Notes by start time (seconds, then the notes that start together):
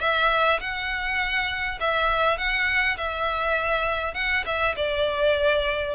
0.00 E5
0.60 F#5
1.80 E5
2.37 F#5
2.97 E5
4.14 F#5
4.45 E5
4.76 D5